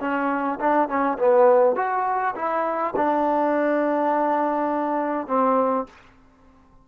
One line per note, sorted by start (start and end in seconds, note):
0.00 0.59 C#4
0.60 0.88 D4
0.88 1.18 C#4
1.18 1.75 B3
1.75 2.34 F#4
2.35 2.94 E4
2.96 5.27 D4
5.27 5.86 C4